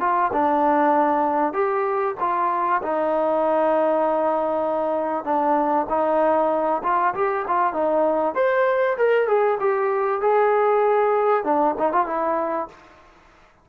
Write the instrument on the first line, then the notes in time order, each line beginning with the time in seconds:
trombone
0.00 F4
0.33 D4
1.53 G4
2.20 F4
2.82 D#4
5.24 D4
5.89 D#4
6.83 F4
7.14 G4
7.47 F4
7.73 D#4
8.35 C5
8.97 A#4
9.28 G#4
9.60 G4
10.21 G#4
11.44 D4
11.79 D#4
11.92 F4
12.06 E4